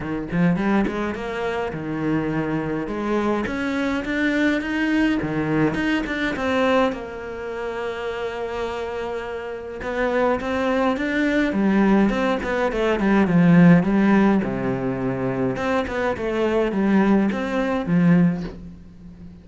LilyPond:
\new Staff \with { instrumentName = "cello" } { \time 4/4 \tempo 4 = 104 dis8 f8 g8 gis8 ais4 dis4~ | dis4 gis4 cis'4 d'4 | dis'4 dis4 dis'8 d'8 c'4 | ais1~ |
ais4 b4 c'4 d'4 | g4 c'8 b8 a8 g8 f4 | g4 c2 c'8 b8 | a4 g4 c'4 f4 | }